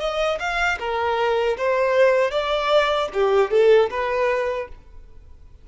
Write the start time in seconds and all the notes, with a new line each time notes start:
0.00 D#5
0.40 F5
0.80 A#4
1.58 C5
2.31 D5
3.14 G4
3.51 A4
3.90 B4